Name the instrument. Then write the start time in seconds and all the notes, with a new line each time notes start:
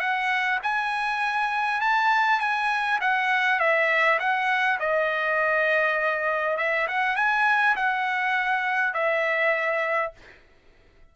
trumpet
0.00 F#5
0.63 G#5
1.81 A5
2.40 G#5
3.01 F#5
3.60 E5
4.19 F#5
4.80 D#5
6.57 E5
6.87 F#5
7.16 G#5
7.76 F#5
8.94 E5